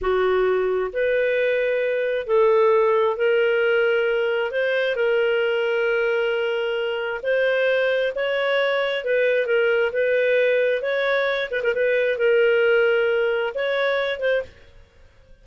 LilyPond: \new Staff \with { instrumentName = "clarinet" } { \time 4/4 \tempo 4 = 133 fis'2 b'2~ | b'4 a'2 ais'4~ | ais'2 c''4 ais'4~ | ais'1 |
c''2 cis''2 | b'4 ais'4 b'2 | cis''4. b'16 ais'16 b'4 ais'4~ | ais'2 cis''4. c''8 | }